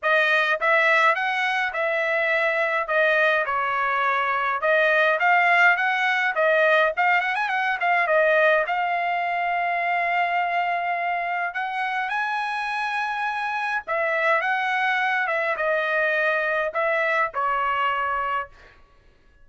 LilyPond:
\new Staff \with { instrumentName = "trumpet" } { \time 4/4 \tempo 4 = 104 dis''4 e''4 fis''4 e''4~ | e''4 dis''4 cis''2 | dis''4 f''4 fis''4 dis''4 | f''8 fis''16 gis''16 fis''8 f''8 dis''4 f''4~ |
f''1 | fis''4 gis''2. | e''4 fis''4. e''8 dis''4~ | dis''4 e''4 cis''2 | }